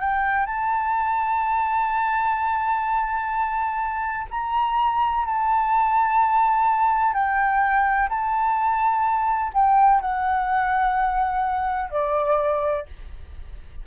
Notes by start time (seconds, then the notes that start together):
0.00 G5
0.46 A5
4.31 A#5
5.26 A5
7.14 G5
8.09 A5
9.54 G5
10.01 F#5
11.91 D5